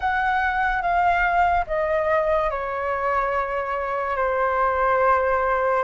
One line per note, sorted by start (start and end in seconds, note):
0.00 0.81 F#5
0.81 1.65 F5
1.67 2.50 D#5
2.50 4.16 C#5
4.16 5.83 C5